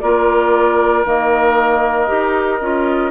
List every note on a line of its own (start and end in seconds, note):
0.00 1.05 A#3
0.00 1.04 F4
0.00 3.11 A#4
0.00 1.03 D5
1.04 2.08 D#3
1.04 2.07 A#3
1.04 3.11 D#5
2.07 2.61 D#4
2.07 2.59 G4
2.61 3.11 C#4
2.61 3.11 F4